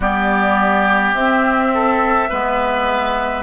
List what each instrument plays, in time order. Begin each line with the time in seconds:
0.00 bassoon G3, clarinet B3, oboe G4, flute D5
1.13 bassoon C4, clarinet C4, flute E5
1.74 oboe A4
2.29 bassoon G#3, clarinet B3, oboe B4